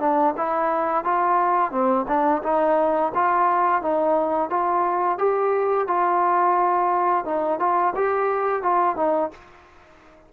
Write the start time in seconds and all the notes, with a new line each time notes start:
0.00 D4
0.37 E4
1.04 F4
1.71 C4
2.08 D4
2.43 D#4
3.15 F4
3.82 D#4
4.50 F4
5.19 G4
5.88 F4
7.25 D#4
7.60 F4
7.96 G4
8.63 F4
8.97 D#4